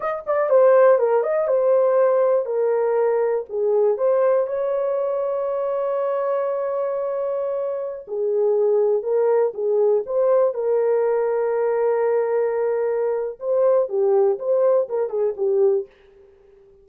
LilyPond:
\new Staff \with { instrumentName = "horn" } { \time 4/4 \tempo 4 = 121 dis''8 d''8 c''4 ais'8 dis''8 c''4~ | c''4 ais'2 gis'4 | c''4 cis''2.~ | cis''1~ |
cis''16 gis'2 ais'4 gis'8.~ | gis'16 c''4 ais'2~ ais'8.~ | ais'2. c''4 | g'4 c''4 ais'8 gis'8 g'4 | }